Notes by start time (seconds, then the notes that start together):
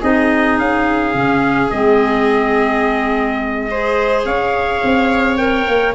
0.00 C4 D#4 G#4 D#5
0.58 C#4 F5
1.13 C#3 C#4
1.70 G#3 C4 D#5
3.70 G#4 C5
4.25 C#4 C#5 F5
4.83 C4
5.37 A#4 G5
5.68 A#3